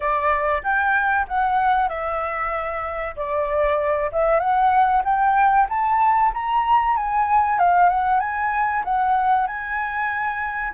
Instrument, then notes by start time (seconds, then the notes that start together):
flute
0.00 D5
0.63 G5
1.28 F#5
1.88 E5
3.16 D5
4.11 E5
4.39 F#5
5.04 G5
5.69 A5
6.33 A#5
6.96 G#5
7.58 F5
7.89 F#5
8.20 G#5
8.84 F#5
9.47 G#5